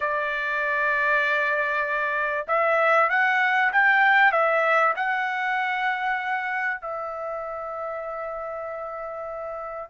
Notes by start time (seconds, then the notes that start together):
0.00 D5
2.47 E5
3.09 F#5
3.72 G5
4.32 E5
4.96 F#5
6.81 E5